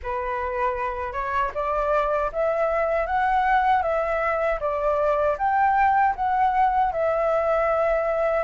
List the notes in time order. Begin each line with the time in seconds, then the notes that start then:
0.02 B4
1.13 C#5
1.54 D5
2.32 E5
3.06 F#5
3.82 E5
4.60 D5
5.37 G5
6.15 F#5
6.92 E5